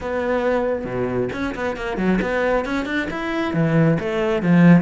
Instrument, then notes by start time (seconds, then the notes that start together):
cello
0.00 B3
0.85 B2
1.32 C#4
1.55 B3
1.76 A#3
1.97 F#3
2.21 B3
2.65 C#4
2.85 D4
3.10 E4
3.53 E3
3.99 A3
4.42 F3